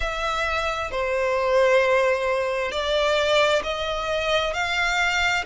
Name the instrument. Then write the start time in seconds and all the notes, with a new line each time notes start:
violin
0.00 E5
0.91 C5
2.71 D5
3.63 D#5
4.53 F5